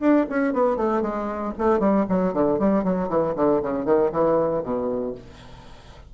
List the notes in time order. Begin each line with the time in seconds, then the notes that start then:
0.00 D4
0.29 C#4
0.53 B3
0.76 A3
1.01 G#3
1.58 A3
1.79 G3
2.09 F#3
2.33 D3
2.59 G3
2.84 F#3
3.08 E3
3.36 D3
3.62 C#3
3.85 D#3
4.12 E3
4.63 B2